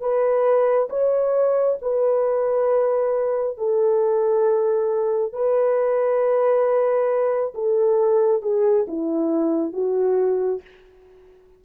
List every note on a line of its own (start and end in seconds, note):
0.00 0.88 B4
0.89 1.78 C#5
1.81 3.57 B4
3.57 5.33 A4
5.33 7.53 B4
7.54 8.41 A4
8.41 8.86 G#4
8.87 9.73 E4
9.73 10.61 F#4